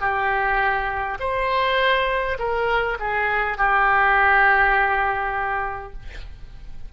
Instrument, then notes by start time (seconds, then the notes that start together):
oboe
0.00 G4
1.20 C5
2.39 A#4
2.99 G#4
3.57 G4